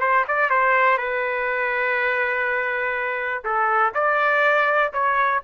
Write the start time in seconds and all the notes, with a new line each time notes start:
0.00 C5
0.27 D5
0.49 C5
0.98 B4
3.44 A4
3.94 D5
4.93 C#5